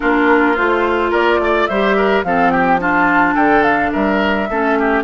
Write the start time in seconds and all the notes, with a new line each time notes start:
0.00 A#3 D4 F4 A#4
0.55 A3 F4 C5
1.10 A#3 A#4 D5
1.39 A3 D5
1.66 G3 G4 C5 E5
1.96 A#4
2.23 F3 C4 A4 F5
2.50 G4 G5
2.79 D4 F4 A5
3.34 D3 A4 G5
3.63 F5
3.92 G3 A#4 E5
4.49 A3 C#4 A4
4.78 G4